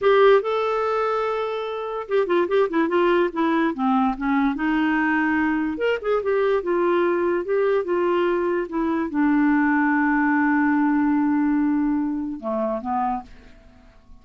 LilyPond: \new Staff \with { instrumentName = "clarinet" } { \time 4/4 \tempo 4 = 145 g'4 a'2.~ | a'4 g'8 f'8 g'8 e'8 f'4 | e'4 c'4 cis'4 dis'4~ | dis'2 ais'8 gis'8 g'4 |
f'2 g'4 f'4~ | f'4 e'4 d'2~ | d'1~ | d'2 a4 b4 | }